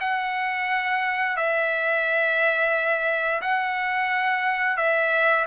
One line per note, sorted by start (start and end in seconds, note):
0.00 1.36 F#5
1.36 3.41 E5
3.41 4.77 F#5
4.77 5.45 E5